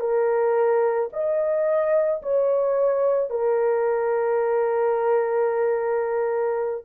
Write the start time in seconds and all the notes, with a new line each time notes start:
0.00 A#4
1.13 D#5
2.23 C#5
3.30 A#4